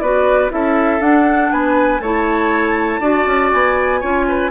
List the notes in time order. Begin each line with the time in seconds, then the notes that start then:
0.00 B3 F#4 B4 D5
0.50 C#4 E4 A4 E5
1.00 D4 F#5
1.52 B3 B4 G#5
2.00 A3 E4 C#5 A5
3.00 D4 F#4 D5
3.26 C#4
3.52 B3 G#5
4.01 C#4 F4 C#5
4.29 B4